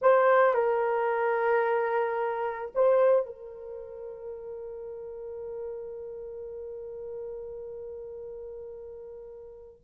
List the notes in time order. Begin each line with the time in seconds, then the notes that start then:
0.01 C5
0.53 A#4
2.74 C5
3.26 A#4